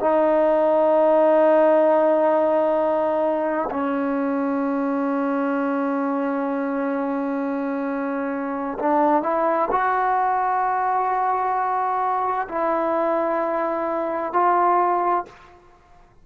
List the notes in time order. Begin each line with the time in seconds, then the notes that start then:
0.00 D#4
3.70 C#4
8.79 D4
9.23 E4
9.71 F#4
12.48 E4
14.33 F4